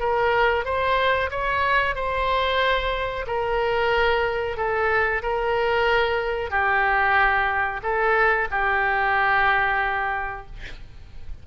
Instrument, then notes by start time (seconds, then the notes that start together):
oboe
0.00 A#4
0.65 C5
1.31 C#5
1.96 C5
3.27 A#4
4.57 A4
5.23 A#4
6.51 G4
7.83 A4
8.51 G4